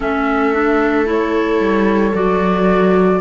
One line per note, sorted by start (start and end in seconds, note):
0.00 1.59 A3
0.00 0.53 C#4
0.00 3.20 A4
0.00 1.08 E5
0.53 1.05 D4
1.05 2.12 E4
1.05 2.14 C#5
1.59 2.13 G3
2.13 3.20 F#3
2.13 3.20 F#4
2.13 3.20 D5